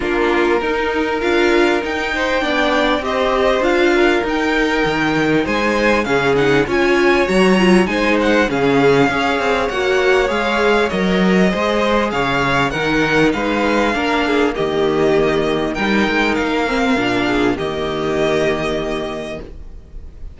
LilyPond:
<<
  \new Staff \with { instrumentName = "violin" } { \time 4/4 \tempo 4 = 99 ais'2 f''4 g''4~ | g''4 dis''4 f''4 g''4~ | g''4 gis''4 f''8 fis''8 gis''4 | ais''4 gis''8 fis''8 f''2 |
fis''4 f''4 dis''2 | f''4 fis''4 f''2 | dis''2 g''4 f''4~ | f''4 dis''2. | }
  \new Staff \with { instrumentName = "violin" } { \time 4/4 f'4 ais'2~ ais'8 c''8 | d''4 c''4. ais'4.~ | ais'4 c''4 gis'4 cis''4~ | cis''4 c''4 gis'4 cis''4~ |
cis''2. c''4 | cis''4 ais'4 b'4 ais'8 gis'8 | g'2 ais'2~ | ais'8 gis'8 g'2. | }
  \new Staff \with { instrumentName = "viola" } { \time 4/4 d'4 dis'4 f'4 dis'4 | d'4 g'4 f'4 dis'4~ | dis'2 cis'8 dis'8 f'4 | fis'8 f'8 dis'4 cis'4 gis'4 |
fis'4 gis'4 ais'4 gis'4~ | gis'4 dis'2 d'4 | ais2 dis'4. c'8 | d'4 ais2. | }
  \new Staff \with { instrumentName = "cello" } { \time 4/4 ais4 dis'4 d'4 dis'4 | b4 c'4 d'4 dis'4 | dis4 gis4 cis4 cis'4 | fis4 gis4 cis4 cis'8 c'8 |
ais4 gis4 fis4 gis4 | cis4 dis4 gis4 ais4 | dis2 g8 gis8 ais4 | ais,4 dis2. | }
>>